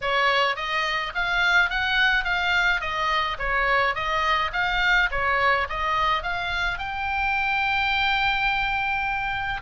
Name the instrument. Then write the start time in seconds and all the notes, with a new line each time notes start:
oboe
0.01 C#5
0.56 D#5
1.14 F5
1.70 F#5
2.24 F5
2.80 D#5
3.38 C#5
3.94 D#5
4.53 F5
5.11 C#5
5.69 D#5
6.22 F5
6.78 G5